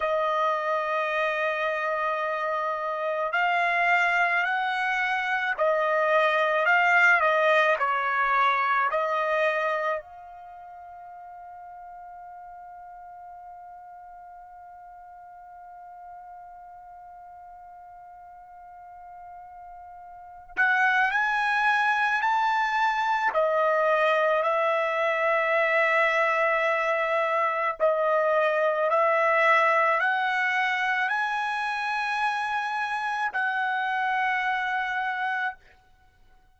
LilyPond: \new Staff \with { instrumentName = "trumpet" } { \time 4/4 \tempo 4 = 54 dis''2. f''4 | fis''4 dis''4 f''8 dis''8 cis''4 | dis''4 f''2.~ | f''1~ |
f''2~ f''8 fis''8 gis''4 | a''4 dis''4 e''2~ | e''4 dis''4 e''4 fis''4 | gis''2 fis''2 | }